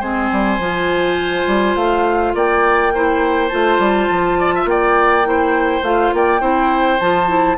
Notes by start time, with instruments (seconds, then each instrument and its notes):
0.00 bassoon G#3, clarinet C4, oboe C5, flute G#5
0.32 bassoon G3
0.59 bassoon F3, clarinet F4
1.47 bassoon G3
1.76 bassoon A3, flute F5
2.35 bassoon A#3, oboe D5, flute G5
2.94 clarinet E4, oboe C5
3.48 bassoon A3, clarinet F4, flute A5
3.79 bassoon G3
4.11 bassoon F3
4.39 oboe D5
4.55 oboe E5
4.65 bassoon A#3, oboe D5, flute G5
5.25 clarinet E4, oboe C5
5.83 bassoon A3, clarinet F4, flute F5
6.13 bassoon A#3, oboe D5, flute G5
6.40 bassoon C4, clarinet E4, oboe C5
7.00 bassoon F3, clarinet F4, flute A5
7.28 clarinet E4